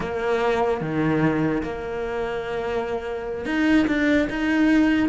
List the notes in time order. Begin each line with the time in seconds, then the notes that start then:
0.00 A#3
0.80 D#3
1.62 A#3
3.45 D#4
3.87 D4
4.29 D#4